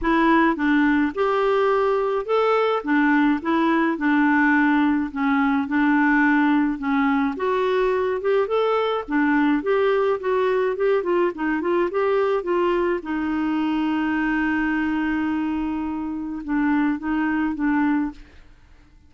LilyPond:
\new Staff \with { instrumentName = "clarinet" } { \time 4/4 \tempo 4 = 106 e'4 d'4 g'2 | a'4 d'4 e'4 d'4~ | d'4 cis'4 d'2 | cis'4 fis'4. g'8 a'4 |
d'4 g'4 fis'4 g'8 f'8 | dis'8 f'8 g'4 f'4 dis'4~ | dis'1~ | dis'4 d'4 dis'4 d'4 | }